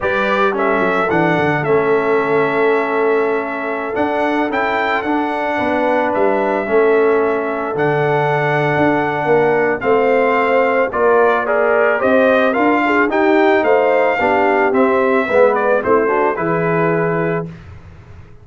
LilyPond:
<<
  \new Staff \with { instrumentName = "trumpet" } { \time 4/4 \tempo 4 = 110 d''4 e''4 fis''4 e''4~ | e''2.~ e''16 fis''8.~ | fis''16 g''4 fis''2 e''8.~ | e''2~ e''16 fis''4.~ fis''16~ |
fis''2 f''2 | d''4 ais'4 dis''4 f''4 | g''4 f''2 e''4~ | e''8 d''8 c''4 b'2 | }
  \new Staff \with { instrumentName = "horn" } { \time 4/4 b'4 a'2.~ | a'1~ | a'2~ a'16 b'4.~ b'16~ | b'16 a'2.~ a'8.~ |
a'4 ais'4 c''2 | ais'4 d''4 c''4 ais'8 gis'8 | g'4 c''4 g'2 | b'4 e'8 fis'8 gis'2 | }
  \new Staff \with { instrumentName = "trombone" } { \time 4/4 g'4 cis'4 d'4 cis'4~ | cis'2.~ cis'16 d'8.~ | d'16 e'4 d'2~ d'8.~ | d'16 cis'2 d'4.~ d'16~ |
d'2 c'2 | f'4 gis'4 g'4 f'4 | dis'2 d'4 c'4 | b4 c'8 d'8 e'2 | }
  \new Staff \with { instrumentName = "tuba" } { \time 4/4 g4. fis8 e8 d8 a4~ | a2.~ a16 d'8.~ | d'16 cis'4 d'4 b4 g8.~ | g16 a2 d4.~ d16 |
d'4 ais4 a2 | ais2 c'4 d'4 | dis'4 a4 b4 c'4 | gis4 a4 e2 | }
>>